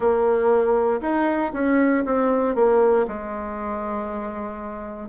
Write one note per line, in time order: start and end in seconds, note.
0.00 1.00 A#3
1.01 1.52 D#4
1.53 2.04 C#4
2.05 2.55 C4
2.55 3.06 A#3
3.07 5.08 G#3